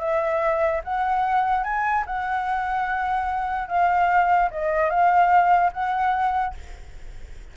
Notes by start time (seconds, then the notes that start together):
0.00 E5
0.84 F#5
1.64 G#5
2.07 F#5
3.68 F5
4.51 D#5
4.90 F5
5.73 F#5